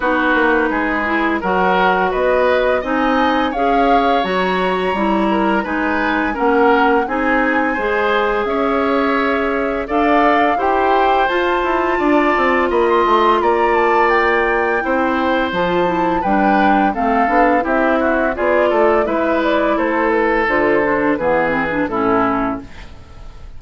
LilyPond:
<<
  \new Staff \with { instrumentName = "flute" } { \time 4/4 \tempo 4 = 85 b'2 fis''4 dis''4 | gis''4 f''4 ais''2 | gis''4 fis''4 gis''2 | e''2 f''4 g''4 |
a''2 b''16 c'''8. ais''8 a''8 | g''2 a''4 g''4 | f''4 e''4 d''4 e''8 d''8 | c''8 b'8 c''4 b'4 a'4 | }
  \new Staff \with { instrumentName = "oboe" } { \time 4/4 fis'4 gis'4 ais'4 b'4 | dis''4 cis''2~ cis''8 ais'8 | b'4 ais'4 gis'4 c''4 | cis''2 d''4 c''4~ |
c''4 d''4 dis''4 d''4~ | d''4 c''2 b'4 | a'4 g'8 fis'8 gis'8 a'8 b'4 | a'2 gis'4 e'4 | }
  \new Staff \with { instrumentName = "clarinet" } { \time 4/4 dis'4. e'8 fis'2 | dis'4 gis'4 fis'4 e'4 | dis'4 cis'4 dis'4 gis'4~ | gis'2 a'4 g'4 |
f'1~ | f'4 e'4 f'8 e'8 d'4 | c'8 d'8 e'4 f'4 e'4~ | e'4 f'8 d'8 b8 c'16 d'16 cis'4 | }
  \new Staff \with { instrumentName = "bassoon" } { \time 4/4 b8 ais8 gis4 fis4 b4 | c'4 cis'4 fis4 g4 | gis4 ais4 c'4 gis4 | cis'2 d'4 e'4 |
f'8 e'8 d'8 c'8 ais8 a8 ais4~ | ais4 c'4 f4 g4 | a8 b8 c'4 b8 a8 gis4 | a4 d4 e4 a,4 | }
>>